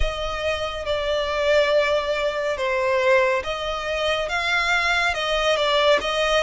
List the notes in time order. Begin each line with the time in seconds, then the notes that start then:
0.00 D#5
0.85 D5
2.57 C5
3.43 D#5
4.29 F5
5.14 D#5
5.56 D5
6.00 D#5